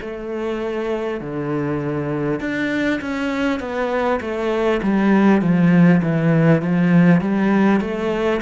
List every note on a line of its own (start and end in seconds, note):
0.00 1.20 A3
1.21 2.40 D3
2.40 3.00 D4
3.01 3.59 C#4
3.59 4.19 B3
4.20 4.80 A3
4.82 5.41 G3
5.41 6.01 F3
6.02 6.62 E3
6.62 7.21 F3
7.21 7.80 G3
7.80 8.40 A3